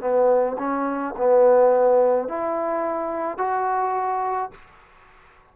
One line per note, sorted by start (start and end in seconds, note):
0.00 0.57 B3
0.58 1.14 C#4
1.17 2.28 B3
2.28 3.38 E4
3.38 4.51 F#4